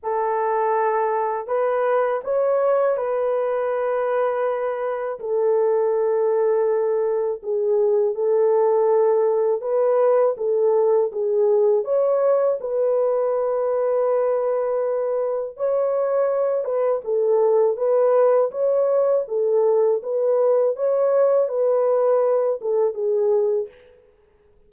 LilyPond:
\new Staff \with { instrumentName = "horn" } { \time 4/4 \tempo 4 = 81 a'2 b'4 cis''4 | b'2. a'4~ | a'2 gis'4 a'4~ | a'4 b'4 a'4 gis'4 |
cis''4 b'2.~ | b'4 cis''4. b'8 a'4 | b'4 cis''4 a'4 b'4 | cis''4 b'4. a'8 gis'4 | }